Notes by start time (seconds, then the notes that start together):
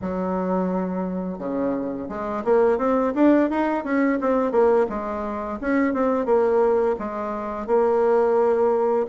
0.01 F#3
1.38 C#3
2.08 G#3
2.44 A#3
2.78 C4
3.15 D4
3.49 D#4
3.83 C#4
4.21 C4
4.51 A#3
4.89 G#3
5.60 C#4
5.93 C4
6.25 A#3
6.98 G#3
7.66 A#3